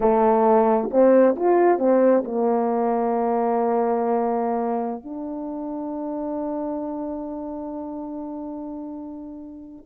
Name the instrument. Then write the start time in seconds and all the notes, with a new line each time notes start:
horn
0.00 A3
0.91 C4
1.36 F4
1.78 C4
2.24 A#3
5.04 D4